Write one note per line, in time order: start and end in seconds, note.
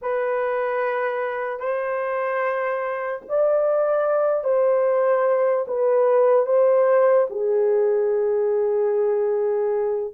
0.01 1.59 B4
1.59 3.21 C5
3.28 4.43 D5
4.43 5.65 C5
5.67 6.46 B4
6.46 7.27 C5
7.30 10.14 G#4